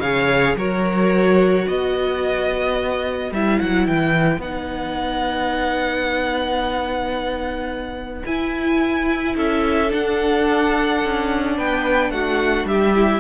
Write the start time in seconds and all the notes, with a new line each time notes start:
0.00 C#3 G#4 C#5 F5
0.56 F#3 F#4 A#4 C#5
1.65 B3 B4 D#5
3.31 G3 E4 E5
3.60 F#3 F#5
3.87 E3 G5
4.38 B3 D#4 F#5
8.26 E4 G#5
9.36 C#4 A4 E5
9.89 D4 F#5
11.04 C#4
11.57 B3 B4 G5
12.10 A3 F#4 F#5
12.65 G3 G4 E5
12.94 E4